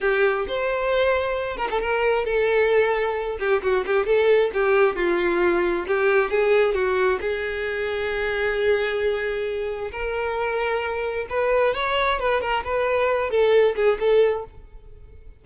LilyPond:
\new Staff \with { instrumentName = "violin" } { \time 4/4 \tempo 4 = 133 g'4 c''2~ c''8 ais'16 a'16 | ais'4 a'2~ a'8 g'8 | fis'8 g'8 a'4 g'4 f'4~ | f'4 g'4 gis'4 fis'4 |
gis'1~ | gis'2 ais'2~ | ais'4 b'4 cis''4 b'8 ais'8 | b'4. a'4 gis'8 a'4 | }